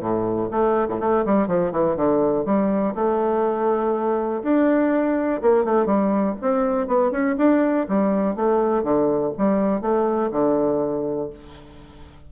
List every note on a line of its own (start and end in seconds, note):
0.00 0.49 A2
0.51 0.88 A3
0.89 1.01 A2
1.01 1.25 A3
1.26 1.48 G3
1.48 1.72 F3
1.72 1.96 E3
1.96 2.46 D3
2.46 2.95 G3
2.95 4.43 A3
4.43 5.41 D4
5.42 5.65 A#3
5.65 5.86 A3
5.86 6.35 G3
6.42 6.88 C4
6.88 7.12 B3
7.12 7.36 C#4
7.38 7.87 D4
7.89 8.36 G3
8.36 8.84 A3
8.84 9.33 D3
9.38 9.82 G3
9.82 10.31 A3
10.32 11.30 D3